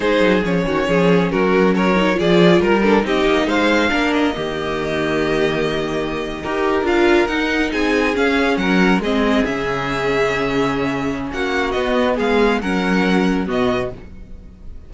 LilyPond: <<
  \new Staff \with { instrumentName = "violin" } { \time 4/4 \tempo 4 = 138 c''4 cis''2 ais'4 | cis''4 d''4 ais'4 dis''4 | f''4. dis''2~ dis''8~ | dis''2.~ dis''8. f''16~ |
f''8. fis''4 gis''4 f''4 fis''16~ | fis''8. dis''4 e''2~ e''16~ | e''2 fis''4 dis''4 | f''4 fis''2 dis''4 | }
  \new Staff \with { instrumentName = "violin" } { \time 4/4 gis'4. fis'8 gis'4 fis'4 | ais'4 gis'4 ais'8 a'8 g'4 | c''4 ais'4 g'2~ | g'2~ g'8. ais'4~ ais'16~ |
ais'4.~ ais'16 gis'2 ais'16~ | ais'8. gis'2.~ gis'16~ | gis'2 fis'2 | gis'4 ais'2 fis'4 | }
  \new Staff \with { instrumentName = "viola" } { \time 4/4 dis'4 cis'2.~ | cis'8 dis'8 f'4. d'8 dis'4~ | dis'4 d'4 ais2~ | ais2~ ais8. g'4 f'16~ |
f'8. dis'2 cis'4~ cis'16~ | cis'8. c'4 cis'2~ cis'16~ | cis'2. b4~ | b4 cis'2 b4 | }
  \new Staff \with { instrumentName = "cello" } { \time 4/4 gis8 fis8 f8 dis8 f4 fis4~ | fis4 f4 g4 c'8 ais8 | gis4 ais4 dis2~ | dis2~ dis8. dis'4 d'16~ |
d'8. dis'4 c'4 cis'4 fis16~ | fis8. gis4 cis2~ cis16~ | cis2 ais4 b4 | gis4 fis2 b,4 | }
>>